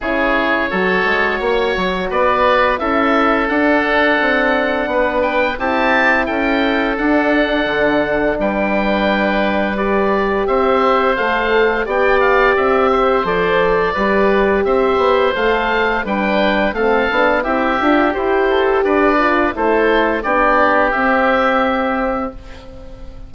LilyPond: <<
  \new Staff \with { instrumentName = "oboe" } { \time 4/4 \tempo 4 = 86 cis''2. d''4 | e''4 fis''2~ fis''8 g''8 | a''4 g''4 fis''2 | g''2 d''4 e''4 |
f''4 g''8 f''8 e''4 d''4~ | d''4 e''4 f''4 g''4 | f''4 e''4 c''4 d''4 | c''4 d''4 e''2 | }
  \new Staff \with { instrumentName = "oboe" } { \time 4/4 gis'4 a'4 cis''4 b'4 | a'2. b'4 | g'4 a'2. | b'2. c''4~ |
c''4 d''4. c''4. | b'4 c''2 b'4 | a'4 g'4. a'8 b'4 | a'4 g'2. | }
  \new Staff \with { instrumentName = "horn" } { \time 4/4 e'4 fis'2. | e'4 d'2. | e'2 d'2~ | d'2 g'2 |
a'4 g'2 a'4 | g'2 a'4 d'4 | c'8 d'8 e'8 f'8 g'4. f'8 | e'4 d'4 c'2 | }
  \new Staff \with { instrumentName = "bassoon" } { \time 4/4 cis4 fis8 gis8 ais8 fis8 b4 | cis'4 d'4 c'4 b4 | c'4 cis'4 d'4 d4 | g2. c'4 |
a4 b4 c'4 f4 | g4 c'8 b8 a4 g4 | a8 b8 c'8 d'8 e'4 d'4 | a4 b4 c'2 | }
>>